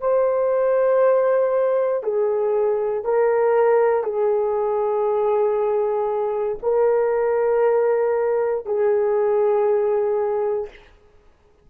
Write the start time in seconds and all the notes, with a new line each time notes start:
0.00 C5
2.03 G#4
3.05 A#4
4.04 G#4
6.62 A#4
8.66 G#4